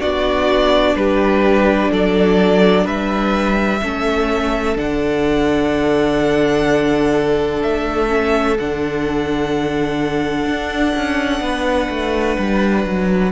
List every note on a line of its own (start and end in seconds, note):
0.00 0.95 B3
0.00 3.81 D4
0.00 0.96 F#4
0.00 0.96 D5
0.95 1.90 G3
0.95 1.91 G4
0.95 1.91 B4
1.91 2.86 F#3
1.91 2.85 A4
1.91 2.87 D5
2.85 3.81 G3
2.85 3.80 B4
2.85 4.77 E5
3.82 4.76 A3
3.82 4.76 C#4
3.82 11.43 A4
4.76 7.62 D3
4.76 8.08 D4
4.76 7.62 F#5
7.62 8.59 A3
7.62 8.58 E5
8.08 8.55 C#4
8.59 10.45 D3
8.59 13.32 D4
8.59 13.32 F#5
10.45 10.93 D4
10.96 11.40 C#4
11.40 11.88 B3
11.40 13.32 B4
11.90 12.37 A3
12.38 12.85 G3
12.85 13.32 F#3